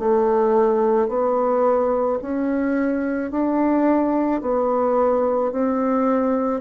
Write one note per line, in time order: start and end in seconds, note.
0.00 1.09 A3
1.09 2.20 B3
2.22 3.31 C#4
3.31 4.41 D4
4.41 5.52 B3
5.52 6.61 C4